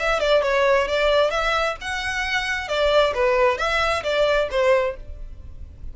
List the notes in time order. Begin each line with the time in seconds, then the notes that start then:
0.00 E5
0.20 D5
0.43 C#5
0.89 D5
1.31 E5
1.81 F#5
2.69 D5
3.15 B4
3.58 E5
4.04 D5
4.51 C5